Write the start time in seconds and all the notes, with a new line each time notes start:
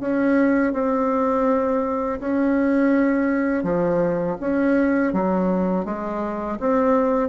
0.00 C#4
0.73 C4
2.20 C#4
3.63 F3
4.40 C#4
5.13 F#3
5.85 G#3
6.60 C4